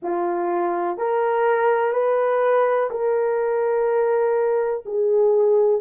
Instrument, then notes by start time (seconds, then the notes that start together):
horn
0.02 F4
0.97 A#4
1.93 B4
2.90 A#4
4.85 G#4